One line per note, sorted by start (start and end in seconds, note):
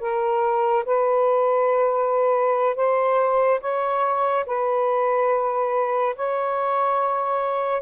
0.00 0.85 A#4
0.85 2.75 B4
2.75 3.60 C5
3.60 4.45 C#5
4.46 6.15 B4
6.16 7.81 C#5